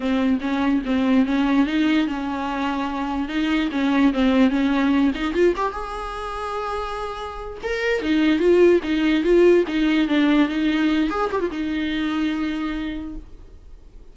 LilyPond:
\new Staff \with { instrumentName = "viola" } { \time 4/4 \tempo 4 = 146 c'4 cis'4 c'4 cis'4 | dis'4 cis'2. | dis'4 cis'4 c'4 cis'4~ | cis'8 dis'8 f'8 g'8 gis'2~ |
gis'2~ gis'8 ais'4 dis'8~ | dis'8 f'4 dis'4 f'4 dis'8~ | dis'8 d'4 dis'4. gis'8 g'16 f'16 | dis'1 | }